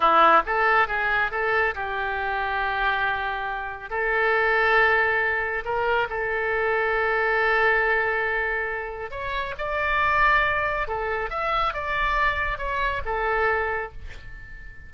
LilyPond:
\new Staff \with { instrumentName = "oboe" } { \time 4/4 \tempo 4 = 138 e'4 a'4 gis'4 a'4 | g'1~ | g'4 a'2.~ | a'4 ais'4 a'2~ |
a'1~ | a'4 cis''4 d''2~ | d''4 a'4 e''4 d''4~ | d''4 cis''4 a'2 | }